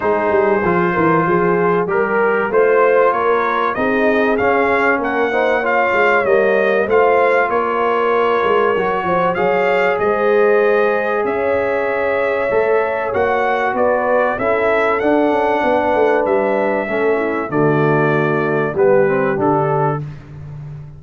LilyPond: <<
  \new Staff \with { instrumentName = "trumpet" } { \time 4/4 \tempo 4 = 96 c''2. ais'4 | c''4 cis''4 dis''4 f''4 | fis''4 f''4 dis''4 f''4 | cis''2. f''4 |
dis''2 e''2~ | e''4 fis''4 d''4 e''4 | fis''2 e''2 | d''2 b'4 a'4 | }
  \new Staff \with { instrumentName = "horn" } { \time 4/4 gis'4. ais'8 gis'4 ais'4 | c''4 ais'4 gis'2 | ais'8 c''8 cis''2 c''4 | ais'2~ ais'8 c''8 cis''4 |
c''2 cis''2~ | cis''2 b'4 a'4~ | a'4 b'2 a'8 e'8 | fis'2 g'2 | }
  \new Staff \with { instrumentName = "trombone" } { \time 4/4 dis'4 f'2 g'4 | f'2 dis'4 cis'4~ | cis'8 dis'8 f'4 ais4 f'4~ | f'2 fis'4 gis'4~ |
gis'1 | a'4 fis'2 e'4 | d'2. cis'4 | a2 b8 c'8 d'4 | }
  \new Staff \with { instrumentName = "tuba" } { \time 4/4 gis8 g8 f8 e8 f4 g4 | a4 ais4 c'4 cis'4 | ais4. gis8 g4 a4 | ais4. gis8 fis8 f8 fis4 |
gis2 cis'2 | a4 ais4 b4 cis'4 | d'8 cis'8 b8 a8 g4 a4 | d2 g4 d4 | }
>>